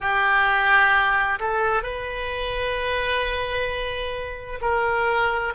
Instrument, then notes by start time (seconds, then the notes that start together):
oboe
0.00 G4
1.39 A4
1.82 B4
4.61 A#4